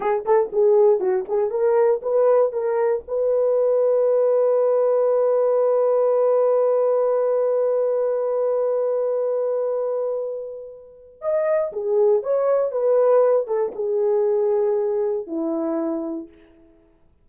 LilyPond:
\new Staff \with { instrumentName = "horn" } { \time 4/4 \tempo 4 = 118 gis'8 a'8 gis'4 fis'8 gis'8 ais'4 | b'4 ais'4 b'2~ | b'1~ | b'1~ |
b'1~ | b'2 dis''4 gis'4 | cis''4 b'4. a'8 gis'4~ | gis'2 e'2 | }